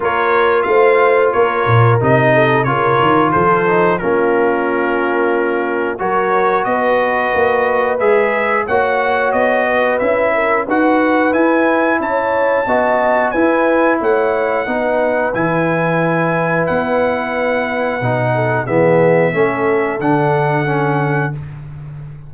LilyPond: <<
  \new Staff \with { instrumentName = "trumpet" } { \time 4/4 \tempo 4 = 90 cis''4 f''4 cis''4 dis''4 | cis''4 c''4 ais'2~ | ais'4 cis''4 dis''2 | e''4 fis''4 dis''4 e''4 |
fis''4 gis''4 a''2 | gis''4 fis''2 gis''4~ | gis''4 fis''2. | e''2 fis''2 | }
  \new Staff \with { instrumentName = "horn" } { \time 4/4 ais'4 c''4 ais'4. a'8 | ais'4 a'4 f'2~ | f'4 ais'4 b'2~ | b'4 cis''4. b'4 ais'8 |
b'2 cis''4 dis''4 | b'4 cis''4 b'2~ | b'2.~ b'8 a'8 | gis'4 a'2. | }
  \new Staff \with { instrumentName = "trombone" } { \time 4/4 f'2. dis'4 | f'4. dis'8 cis'2~ | cis'4 fis'2. | gis'4 fis'2 e'4 |
fis'4 e'2 fis'4 | e'2 dis'4 e'4~ | e'2. dis'4 | b4 cis'4 d'4 cis'4 | }
  \new Staff \with { instrumentName = "tuba" } { \time 4/4 ais4 a4 ais8 ais,8 c4 | cis8 dis8 f4 ais2~ | ais4 fis4 b4 ais4 | gis4 ais4 b4 cis'4 |
dis'4 e'4 cis'4 b4 | e'4 a4 b4 e4~ | e4 b2 b,4 | e4 a4 d2 | }
>>